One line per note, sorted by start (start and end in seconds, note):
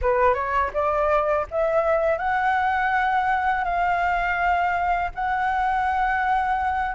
0.01 0.34 B4
0.34 0.70 C#5
0.73 1.46 D5
1.50 2.18 E5
2.18 3.64 F#5
3.64 5.11 F5
5.15 6.95 F#5